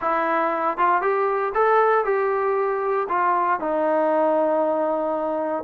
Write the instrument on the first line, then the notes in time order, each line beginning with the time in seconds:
trombone
0.01 E4
0.77 F4
1.01 G4
1.54 A4
2.05 G4
3.09 F4
3.59 D#4